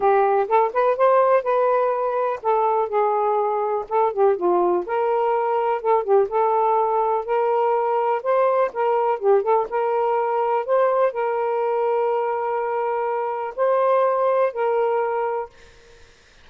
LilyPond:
\new Staff \with { instrumentName = "saxophone" } { \time 4/4 \tempo 4 = 124 g'4 a'8 b'8 c''4 b'4~ | b'4 a'4 gis'2 | a'8 g'8 f'4 ais'2 | a'8 g'8 a'2 ais'4~ |
ais'4 c''4 ais'4 g'8 a'8 | ais'2 c''4 ais'4~ | ais'1 | c''2 ais'2 | }